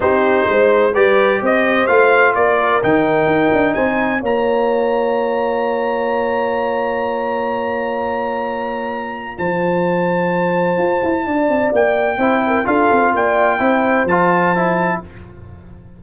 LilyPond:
<<
  \new Staff \with { instrumentName = "trumpet" } { \time 4/4 \tempo 4 = 128 c''2 d''4 dis''4 | f''4 d''4 g''2 | gis''4 ais''2.~ | ais''1~ |
ais''1 | a''1~ | a''4 g''2 f''4 | g''2 a''2 | }
  \new Staff \with { instrumentName = "horn" } { \time 4/4 g'4 c''4 b'4 c''4~ | c''4 ais'2. | c''4 cis''2.~ | cis''1~ |
cis''1 | c''1 | d''2 c''8 ais'8 a'4 | d''4 c''2. | }
  \new Staff \with { instrumentName = "trombone" } { \time 4/4 dis'2 g'2 | f'2 dis'2~ | dis'4 f'2.~ | f'1~ |
f'1~ | f'1~ | f'2 e'4 f'4~ | f'4 e'4 f'4 e'4 | }
  \new Staff \with { instrumentName = "tuba" } { \time 4/4 c'4 gis4 g4 c'4 | a4 ais4 dis4 dis'8 d'8 | c'4 ais2.~ | ais1~ |
ais1 | f2. f'8 e'8 | d'8 c'8 ais4 c'4 d'8 c'8 | ais4 c'4 f2 | }
>>